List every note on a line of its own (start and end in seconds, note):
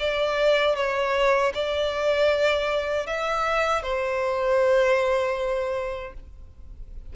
0.00 0.76 D5
0.76 1.53 C#5
1.55 3.07 D5
3.07 3.83 E5
3.83 6.14 C5